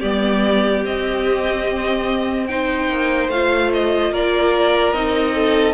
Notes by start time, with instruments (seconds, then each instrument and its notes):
0.00 cello G3, viola B3, violin G4 D5
0.84 cello C4, viola C4, violin D#5
2.47 viola D#4, violin C5 G5
2.88 cello A#3
3.28 cello A3, viola F4, violin F5
3.73 violin D#5
4.11 cello A#3, violin A#4 D5
4.93 cello C4, viola D#4, violin D#5
5.35 violin A4